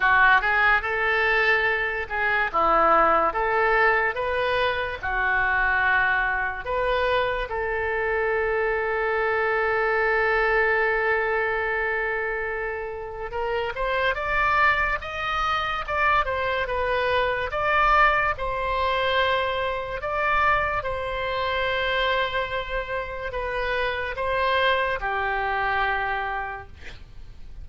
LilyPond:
\new Staff \with { instrumentName = "oboe" } { \time 4/4 \tempo 4 = 72 fis'8 gis'8 a'4. gis'8 e'4 | a'4 b'4 fis'2 | b'4 a'2.~ | a'1 |
ais'8 c''8 d''4 dis''4 d''8 c''8 | b'4 d''4 c''2 | d''4 c''2. | b'4 c''4 g'2 | }